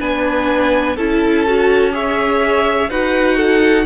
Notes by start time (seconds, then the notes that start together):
0.00 B3 D4 B4 G#5
0.96 C#4 E4 A4 A5
1.47 F#4
1.92 G#4 C#5 E5
2.90 D#4 F#4 B4 F#5
3.37 A4